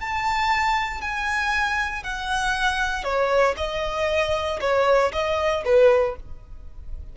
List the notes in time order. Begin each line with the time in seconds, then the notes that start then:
0.00 A5
1.01 G#5
2.03 F#5
3.03 C#5
3.57 D#5
4.60 C#5
5.12 D#5
5.64 B4